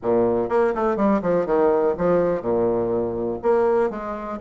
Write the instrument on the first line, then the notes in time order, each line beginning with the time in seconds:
bassoon
0.02 A#2
0.49 A#3
0.75 A3
0.96 G3
1.22 F3
1.46 D#3
1.97 F3
2.41 A#2
3.42 A#3
3.90 G#3